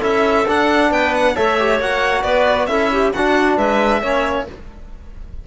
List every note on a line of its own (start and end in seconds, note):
0.00 0.47 C#4
0.00 0.45 E4
0.00 0.89 A4
0.00 0.48 E5
0.48 1.35 D4
0.48 0.91 D4
0.48 0.92 F#5
0.90 1.36 B3
0.90 1.34 B4
0.90 1.14 G5
1.14 1.36 F#5
1.35 1.80 A3
1.35 1.57 A4
1.35 2.23 C#5
1.35 1.80 E5
1.59 1.81 G4
1.80 2.24 A#3
1.80 2.69 F#4
1.80 2.23 F#5
2.23 2.68 B3
2.23 2.67 B4
2.23 2.67 D5
2.67 3.12 C#4
2.67 3.13 E4
2.67 2.91 A4
2.67 3.11 E5
2.92 3.14 G4
3.13 3.57 D4
3.13 4.02 D4
3.13 3.57 F#4
3.13 3.58 F#5
3.57 4.02 G#3
3.57 4.02 B4
3.57 4.47 E5
4.02 4.47 A#3
4.02 4.47 C#4
4.02 4.47 C#5